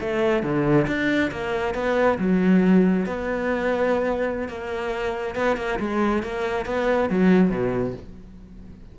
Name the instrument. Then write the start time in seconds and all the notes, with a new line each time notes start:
cello
0.00 A3
0.42 D3
0.87 D4
1.31 A#3
1.74 B3
2.18 F#3
3.06 B3
4.48 A#3
5.35 B3
5.56 A#3
5.79 G#3
6.22 A#3
6.65 B3
7.09 F#3
7.49 B2